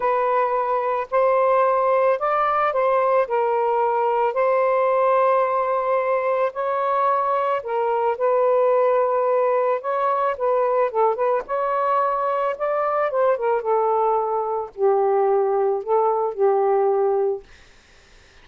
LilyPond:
\new Staff \with { instrumentName = "saxophone" } { \time 4/4 \tempo 4 = 110 b'2 c''2 | d''4 c''4 ais'2 | c''1 | cis''2 ais'4 b'4~ |
b'2 cis''4 b'4 | a'8 b'8 cis''2 d''4 | c''8 ais'8 a'2 g'4~ | g'4 a'4 g'2 | }